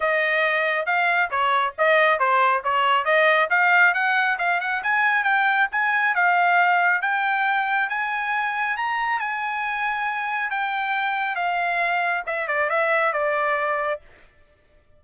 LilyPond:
\new Staff \with { instrumentName = "trumpet" } { \time 4/4 \tempo 4 = 137 dis''2 f''4 cis''4 | dis''4 c''4 cis''4 dis''4 | f''4 fis''4 f''8 fis''8 gis''4 | g''4 gis''4 f''2 |
g''2 gis''2 | ais''4 gis''2. | g''2 f''2 | e''8 d''8 e''4 d''2 | }